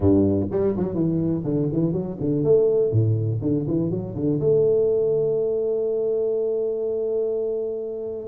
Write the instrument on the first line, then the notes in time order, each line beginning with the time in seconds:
tuba
0.00 G2
0.51 G3
0.76 F#3
0.94 E3
1.44 D3
1.72 E3
1.92 F#3
2.20 D3
2.44 A3
2.91 A2
3.41 D3
3.67 E3
3.90 F#3
4.15 D3
4.39 A3